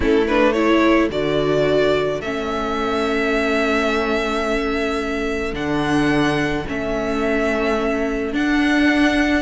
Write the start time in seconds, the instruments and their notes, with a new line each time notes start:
0.00 cello A3, viola C#4, violin E4 A4
0.27 viola D4, violin B4
0.52 viola E4, violin A4 C#5
1.09 cello D3, viola F#4, violin D5
2.20 cello A3, viola C#4, violin E5
5.53 cello D3, viola D4, violin F#5
6.67 cello A3, viola C#4, violin E5
8.32 viola D4, cello D4, violin F#5